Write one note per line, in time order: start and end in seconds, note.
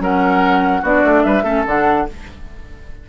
0.00 0.83 F#3
0.00 0.83 C#4
0.00 0.82 A#4
0.00 0.86 F#5
0.82 1.04 B3
0.82 1.44 D4
0.82 1.23 F#4
0.82 1.24 D5
1.04 1.25 A3
1.24 1.44 G3
1.24 1.44 B4
1.24 1.65 E5
1.44 1.64 A3
1.44 1.65 C#4
1.44 2.06 A4
1.66 2.07 D3
1.66 2.08 D4
1.66 2.09 F#5